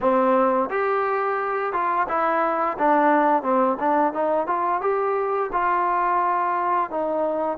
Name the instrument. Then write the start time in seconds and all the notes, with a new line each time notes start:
trombone
0.00 C4
0.69 G4
1.72 F4
2.08 E4
2.78 D4
3.42 C4
3.79 D4
4.13 D#4
4.46 F4
4.81 G4
5.52 F4
6.90 D#4